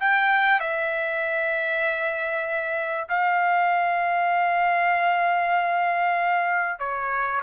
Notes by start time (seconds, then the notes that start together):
0.00 G5
0.60 E5
3.09 F5
6.79 C#5